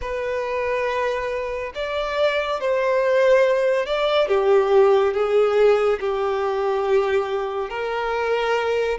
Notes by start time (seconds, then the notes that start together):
0.01 B4
1.75 D5
2.60 C5
3.86 D5
4.27 G4
5.13 G#4
6.00 G4
7.69 A#4